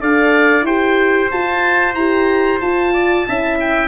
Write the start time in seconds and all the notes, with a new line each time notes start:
0.00 D4 A4 D5 F5
0.62 E4 G4 C5 G5
1.31 F4 A5
1.94 E4 G4 A#5
2.61 F4 A5
2.94 D5
3.28 C#4 E4 E5
3.60 G5